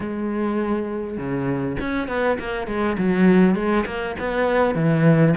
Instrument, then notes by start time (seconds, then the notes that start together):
cello
0.00 G#3
1.17 C#3
1.80 C#4
2.08 B3
2.39 A#3
2.67 G#3
2.97 F#3
3.55 G#3
3.86 A#3
4.19 B3
4.74 E3